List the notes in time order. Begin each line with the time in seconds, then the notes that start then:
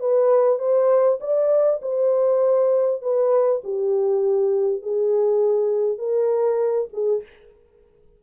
0.00 B4
0.59 C5
1.21 D5
1.82 C5
3.02 B4
3.64 G4
4.82 G#4
5.99 A#4
6.93 G#4